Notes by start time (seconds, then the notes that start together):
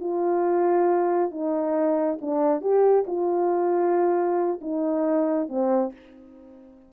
0.00 F4
1.31 D#4
2.21 D4
2.61 G4
3.07 F4
4.62 D#4
5.49 C4